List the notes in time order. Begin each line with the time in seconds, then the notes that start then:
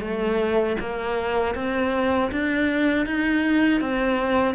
0.00 A3
0.80 A#3
1.55 C4
2.31 D4
3.06 D#4
3.80 C4